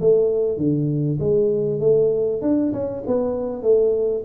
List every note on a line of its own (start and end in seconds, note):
0.00 0.57 A3
0.57 1.18 D3
1.19 1.80 G#3
1.80 2.41 A3
2.41 2.72 D4
2.72 3.03 C#4
3.06 3.62 B3
3.62 4.24 A3